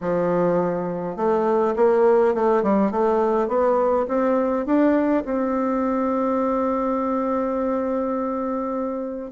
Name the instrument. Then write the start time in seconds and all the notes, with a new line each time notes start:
bassoon
0.00 F3
1.16 A3
1.76 A#3
2.34 A3
2.62 G3
2.91 A3
3.48 B3
4.08 C4
4.65 D4
5.25 C4